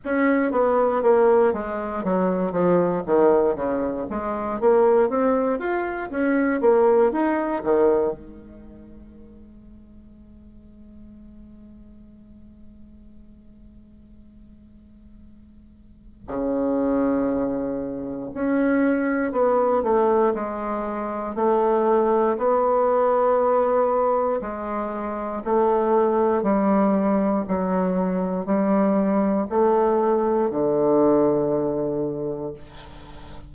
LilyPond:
\new Staff \with { instrumentName = "bassoon" } { \time 4/4 \tempo 4 = 59 cis'8 b8 ais8 gis8 fis8 f8 dis8 cis8 | gis8 ais8 c'8 f'8 cis'8 ais8 dis'8 dis8 | gis1~ | gis1 |
cis2 cis'4 b8 a8 | gis4 a4 b2 | gis4 a4 g4 fis4 | g4 a4 d2 | }